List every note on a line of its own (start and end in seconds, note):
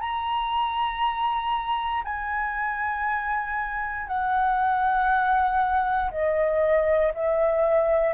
0.00 2.03 A#5
2.04 4.07 G#5
4.07 6.11 F#5
6.11 7.12 D#5
7.14 8.14 E5